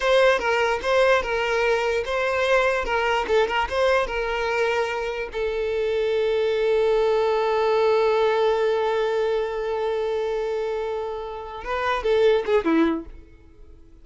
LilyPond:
\new Staff \with { instrumentName = "violin" } { \time 4/4 \tempo 4 = 147 c''4 ais'4 c''4 ais'4~ | ais'4 c''2 ais'4 | a'8 ais'8 c''4 ais'2~ | ais'4 a'2.~ |
a'1~ | a'1~ | a'1~ | a'8 b'4 a'4 gis'8 e'4 | }